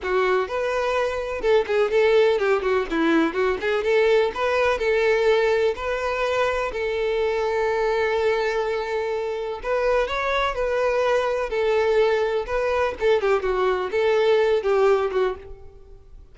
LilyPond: \new Staff \with { instrumentName = "violin" } { \time 4/4 \tempo 4 = 125 fis'4 b'2 a'8 gis'8 | a'4 g'8 fis'8 e'4 fis'8 gis'8 | a'4 b'4 a'2 | b'2 a'2~ |
a'1 | b'4 cis''4 b'2 | a'2 b'4 a'8 g'8 | fis'4 a'4. g'4 fis'8 | }